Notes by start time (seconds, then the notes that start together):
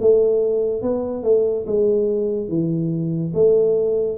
0.00 A3
0.81 B3
1.23 A3
1.66 G#3
2.48 E3
3.34 A3